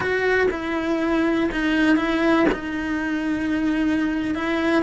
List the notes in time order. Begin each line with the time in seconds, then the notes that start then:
0.00 F#4
0.50 E4
1.51 D#4
1.96 E4
2.52 D#4
4.35 E4